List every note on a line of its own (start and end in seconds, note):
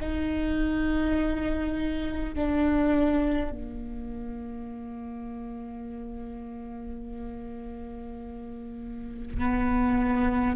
0.00 2.35 D#4
2.35 3.52 D4
3.52 9.39 A#3
9.39 10.56 B3